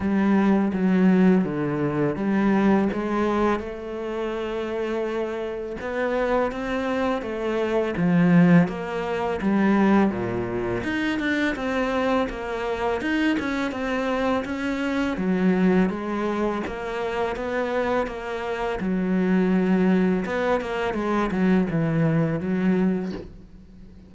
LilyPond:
\new Staff \with { instrumentName = "cello" } { \time 4/4 \tempo 4 = 83 g4 fis4 d4 g4 | gis4 a2. | b4 c'4 a4 f4 | ais4 g4 ais,4 dis'8 d'8 |
c'4 ais4 dis'8 cis'8 c'4 | cis'4 fis4 gis4 ais4 | b4 ais4 fis2 | b8 ais8 gis8 fis8 e4 fis4 | }